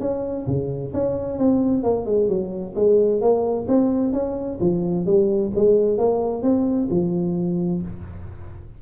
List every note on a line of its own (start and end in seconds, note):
0.00 0.46 C#4
0.47 0.93 C#3
0.94 1.38 C#4
1.38 1.83 C4
1.83 2.05 A#3
2.05 2.28 G#3
2.28 2.74 F#3
2.75 3.21 G#3
3.21 3.67 A#3
3.68 4.13 C4
4.13 4.59 C#4
4.60 5.06 F3
5.06 5.51 G3
5.55 5.98 G#3
5.98 6.42 A#3
6.42 6.88 C4
6.90 7.82 F3